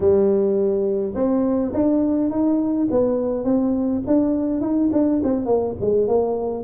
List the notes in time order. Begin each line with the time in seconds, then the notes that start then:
0.00 G3
1.14 C4
1.73 D4
2.30 D#4
2.90 B3
3.44 C4
4.06 D4
4.60 D#4
4.92 D4
5.23 C4
5.45 A#3
5.80 G#3
6.07 A#3